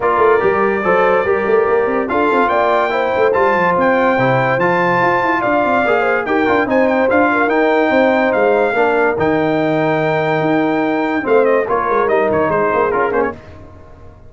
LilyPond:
<<
  \new Staff \with { instrumentName = "trumpet" } { \time 4/4 \tempo 4 = 144 d''1~ | d''4 f''4 g''2 | a''4 g''2 a''4~ | a''4 f''2 g''4 |
gis''8 g''8 f''4 g''2 | f''2 g''2~ | g''2. f''8 dis''8 | cis''4 dis''8 cis''8 c''4 ais'8 c''16 cis''16 | }
  \new Staff \with { instrumentName = "horn" } { \time 4/4 ais'2 c''4 ais'4~ | ais'4 a'4 d''4 c''4~ | c''1~ | c''4 d''4. c''8 ais'4 |
c''4. ais'4. c''4~ | c''4 ais'2.~ | ais'2. c''4 | ais'2 gis'2 | }
  \new Staff \with { instrumentName = "trombone" } { \time 4/4 f'4 g'4 a'4 g'4~ | g'4 f'2 e'4 | f'2 e'4 f'4~ | f'2 gis'4 g'8 f'8 |
dis'4 f'4 dis'2~ | dis'4 d'4 dis'2~ | dis'2. c'4 | f'4 dis'2 f'8 cis'8 | }
  \new Staff \with { instrumentName = "tuba" } { \time 4/4 ais8 a8 g4 fis4 g8 a8 | ais8 c'8 d'8 c'8 ais4. a8 | g8 f8 c'4 c4 f4 | f'8 e'8 d'8 c'8 ais4 dis'8 d'8 |
c'4 d'4 dis'4 c'4 | gis4 ais4 dis2~ | dis4 dis'2 a4 | ais8 gis8 g8 dis8 gis8 ais8 cis'8 ais8 | }
>>